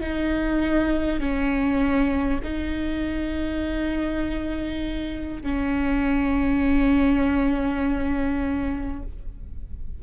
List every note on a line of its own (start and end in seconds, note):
0.00 1.19 D#4
1.19 2.39 C#4
2.43 5.42 D#4
5.42 9.02 C#4